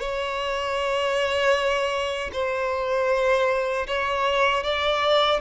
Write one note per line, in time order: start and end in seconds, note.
0.00 2.31 C#5
2.33 3.87 C5
3.87 4.64 C#5
4.64 5.41 D5